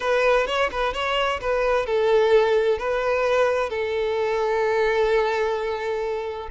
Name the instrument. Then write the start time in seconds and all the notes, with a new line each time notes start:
violin
0.00 B4
0.46 C#5
0.71 B4
0.93 C#5
1.40 B4
1.86 A4
2.78 B4
3.69 A4